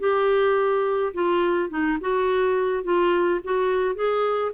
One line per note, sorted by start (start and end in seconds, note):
0.00 1.13 G4
1.14 1.70 F4
1.70 1.98 D#4
2.01 2.84 F#4
2.84 3.41 F4
3.45 3.95 F#4
3.95 4.52 G#4